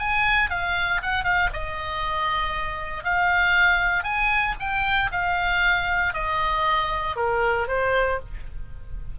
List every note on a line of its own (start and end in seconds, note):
0.00 0.51 G#5
0.51 1.02 F5
1.03 1.24 F#5
1.24 1.50 F5
1.54 3.05 D#5
3.05 4.04 F5
4.04 4.55 G#5
4.60 5.11 G5
5.12 6.14 F5
6.14 7.17 D#5
7.17 7.68 A#4
7.68 8.20 C5